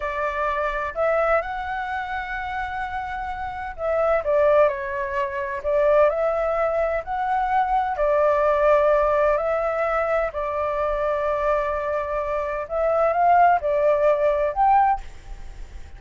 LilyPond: \new Staff \with { instrumentName = "flute" } { \time 4/4 \tempo 4 = 128 d''2 e''4 fis''4~ | fis''1 | e''4 d''4 cis''2 | d''4 e''2 fis''4~ |
fis''4 d''2. | e''2 d''2~ | d''2. e''4 | f''4 d''2 g''4 | }